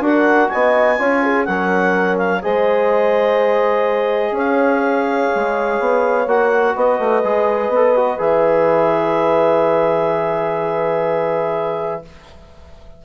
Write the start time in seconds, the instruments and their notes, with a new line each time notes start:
0.00 bassoon D4, trombone F#4, horn A#4, clarinet F#5
0.49 bassoon B3, horn D#5, clarinet G#5
0.98 bassoon C#4, trombone F4, horn C#5
1.23 horn G#4
1.45 bassoon F#3, trombone C#4, horn A#4, clarinet F#5
2.17 clarinet F5
2.42 bassoon G#3, trombone G#4, horn C5, clarinet D#5
4.31 bassoon C#4, horn C#5
4.37 clarinet F5
5.35 bassoon G#3
5.79 bassoon B3
6.27 bassoon A#3, trombone F#4, clarinet F#5
6.75 bassoon B3, horn B4, clarinet D#5
6.99 bassoon A3
7.23 bassoon G#3, trombone G#4
7.68 bassoon B3
7.75 trombone A4
7.96 trombone F#4
8.18 bassoon E3, trombone G#4, clarinet E5